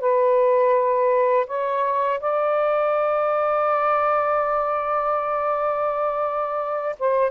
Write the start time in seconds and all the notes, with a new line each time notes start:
0.00 B4
1.47 C#5
2.20 D5
6.99 C5